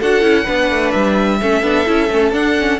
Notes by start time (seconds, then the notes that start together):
0.00 D4 F#4 A4 F#5
0.22 C#4 E4
0.44 B3 D4 B4
0.71 A3
0.92 G3 E5
1.40 A3 C#4 A4
1.63 B3 D4
1.86 C#4 E4
2.10 A3 C#4
2.31 D4 F#5
2.59 C#4